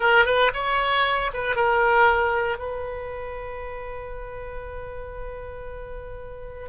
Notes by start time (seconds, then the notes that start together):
0.00 A#4
0.25 B4
0.53 C#5
1.33 B4
1.55 A#4
2.58 B4